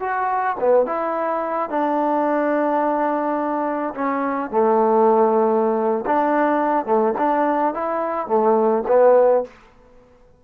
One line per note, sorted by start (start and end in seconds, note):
0.00 0.56 F#4
0.60 0.86 B3
0.86 1.70 E4
1.70 3.94 D4
3.95 4.51 C#4
4.51 6.05 A3
6.06 6.85 D4
6.85 7.13 A3
7.18 7.74 D4
7.74 8.27 E4
8.27 8.83 A3
8.88 9.44 B3